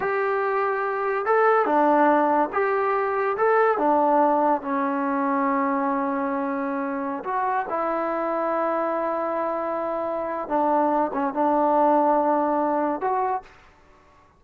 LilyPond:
\new Staff \with { instrumentName = "trombone" } { \time 4/4 \tempo 4 = 143 g'2. a'4 | d'2 g'2 | a'4 d'2 cis'4~ | cis'1~ |
cis'4~ cis'16 fis'4 e'4.~ e'16~ | e'1~ | e'4 d'4. cis'8 d'4~ | d'2. fis'4 | }